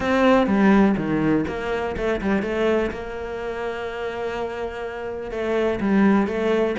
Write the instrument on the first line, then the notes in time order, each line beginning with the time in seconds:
cello
0.00 C4
0.47 G3
0.97 D#3
1.47 A#3
1.96 A3
2.21 G3
2.42 A3
2.91 A#3
5.31 A3
5.80 G3
6.27 A3